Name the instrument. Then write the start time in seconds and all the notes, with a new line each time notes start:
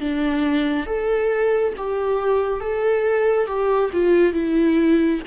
viola
0.00 D4
0.87 A4
1.77 G4
2.61 A4
3.47 G4
3.93 F4
4.34 E4